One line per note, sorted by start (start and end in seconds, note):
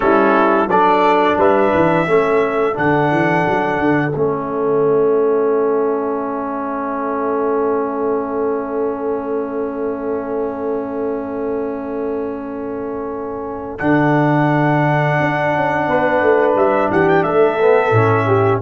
0.00 0.67 G3
0.00 0.69 C#4
0.00 0.70 E4
0.00 0.69 A4
0.67 1.36 F#3
0.67 2.07 D4
0.67 1.38 A4
0.67 1.38 D5
1.37 1.71 G3
1.37 2.07 B4
1.37 2.77 E5
1.74 2.07 E3
2.07 2.76 A3
2.07 2.73 C#4
2.07 15.87 A4
2.73 3.11 D3
2.73 4.11 D4
2.73 4.12 F#5
3.11 3.45 E3
3.47 3.78 F#3
3.78 4.13 D3
4.12 13.80 A3
4.12 13.79 C#4
4.12 13.78 E5
13.78 15.18 D3
13.78 17.58 D4
13.78 16.54 F#5
15.20 15.54 D4
15.54 15.87 C#4
15.87 16.21 B3
15.87 16.91 B4
16.21 16.55 A3
16.55 16.89 G3
16.55 16.91 E5
16.90 17.23 E3
16.90 17.25 G4
16.90 17.08 F#5
17.08 17.23 G5
17.23 17.91 A3
17.23 18.26 A4
17.23 18.61 E5
17.59 17.93 B3
17.91 18.60 A2
17.91 18.62 C#4
18.26 18.61 G4